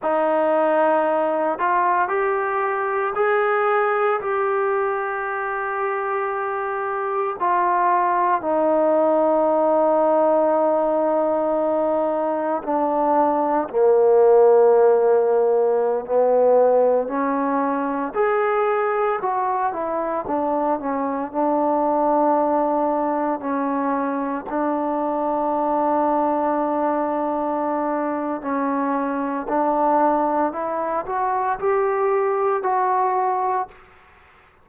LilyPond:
\new Staff \with { instrumentName = "trombone" } { \time 4/4 \tempo 4 = 57 dis'4. f'8 g'4 gis'4 | g'2. f'4 | dis'1 | d'4 ais2~ ais16 b8.~ |
b16 cis'4 gis'4 fis'8 e'8 d'8 cis'16~ | cis'16 d'2 cis'4 d'8.~ | d'2. cis'4 | d'4 e'8 fis'8 g'4 fis'4 | }